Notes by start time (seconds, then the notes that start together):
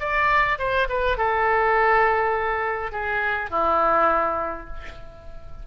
0.00 D5
0.59 C5
0.89 B4
1.18 A4
2.92 G#4
3.51 E4